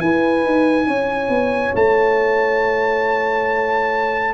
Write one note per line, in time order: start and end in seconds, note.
0.00 4.34 E4
0.00 0.44 E4
0.00 0.87 B4
0.00 1.74 G#5
0.44 0.87 D#4
0.87 1.29 C#4
0.87 4.34 C#5
1.29 1.72 B3
1.75 4.34 A3
1.75 4.34 A5